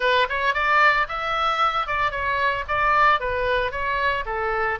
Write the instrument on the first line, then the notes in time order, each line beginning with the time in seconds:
oboe
0.00 B4
0.29 C#5
0.54 D5
1.08 E5
1.86 D5
2.11 C#5
2.68 D5
3.20 B4
3.71 C#5
4.25 A4